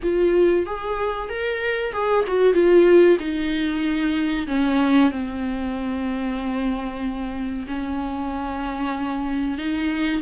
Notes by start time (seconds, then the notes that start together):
0.02 F4
0.66 G#4
1.29 A#4
1.92 G#4
2.27 F#4
2.53 F4
3.19 D#4
4.47 C#4
5.11 C4
7.67 C#4
9.57 D#4